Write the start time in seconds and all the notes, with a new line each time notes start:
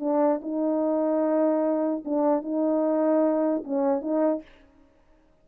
0.00 D4
0.42 D#4
2.05 D4
2.42 D#4
3.64 C#4
4.02 D#4